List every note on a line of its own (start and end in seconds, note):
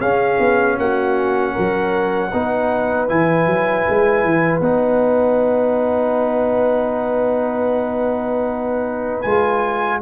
0.00 0.38 C#4
0.00 2.32 C#4
0.00 0.77 G#4
0.00 0.78 F5
0.39 0.78 B3
0.79 1.55 A#3
0.79 1.53 F#4
0.79 3.09 F#5
1.53 2.33 F#3
1.53 2.30 A#4
2.31 3.10 B3
2.31 3.08 D#4
2.31 10.00 B4
3.08 3.47 E3
3.08 4.62 E4
3.08 4.61 G#5
3.47 3.85 F#3
3.89 4.24 G#3
4.24 4.60 E3
4.60 9.22 B3
4.60 9.25 D#4
4.60 9.22 F#5
9.22 10.02 G#3
9.22 10.02 F4
9.22 9.99 G#5